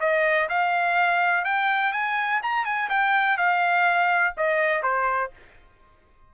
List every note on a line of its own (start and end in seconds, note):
0.00 0.48 D#5
0.49 1.45 F5
1.45 1.92 G5
1.92 2.41 G#5
2.43 2.65 A#5
2.65 2.89 G#5
2.89 3.37 G5
3.37 4.34 F5
4.37 4.82 D#5
4.82 5.31 C5